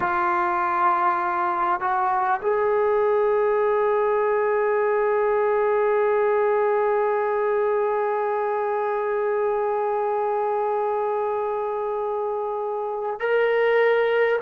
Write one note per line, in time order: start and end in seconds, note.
0.00 1.80 F4
1.80 2.40 F#4
2.42 13.19 G#4
13.19 14.39 A#4